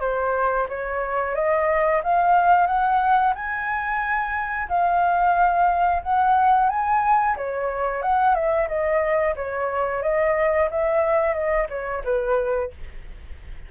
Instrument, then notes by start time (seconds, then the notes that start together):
flute
0.00 C5
0.68 C#5
1.35 D#5
2.03 F5
2.67 F#5
3.35 G#5
4.68 F5
6.02 F#5
6.69 G#5
7.36 C#5
8.02 F#5
8.34 E5
8.68 D#5
9.36 C#5
10.02 D#5
10.70 E5
11.33 D#5
11.69 C#5
12.04 B4